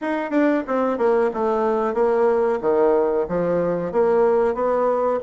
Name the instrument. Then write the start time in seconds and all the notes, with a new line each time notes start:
bassoon
0.01 D#4
0.30 D4
0.67 C4
0.98 A#3
1.33 A3
1.94 A#3
2.61 D#3
3.28 F3
3.91 A#3
4.54 B3